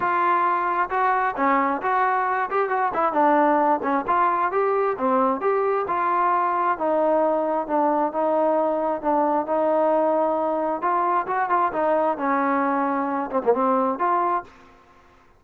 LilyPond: \new Staff \with { instrumentName = "trombone" } { \time 4/4 \tempo 4 = 133 f'2 fis'4 cis'4 | fis'4. g'8 fis'8 e'8 d'4~ | d'8 cis'8 f'4 g'4 c'4 | g'4 f'2 dis'4~ |
dis'4 d'4 dis'2 | d'4 dis'2. | f'4 fis'8 f'8 dis'4 cis'4~ | cis'4. c'16 ais16 c'4 f'4 | }